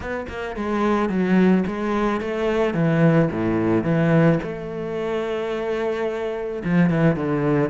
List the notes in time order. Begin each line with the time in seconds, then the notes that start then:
0.00 B3
0.28 A#3
0.56 G#3
1.09 F#3
1.67 G#3
2.20 A3
2.74 E3
3.31 A2
3.84 E3
4.42 A3
6.64 F3
6.90 E3
7.16 D3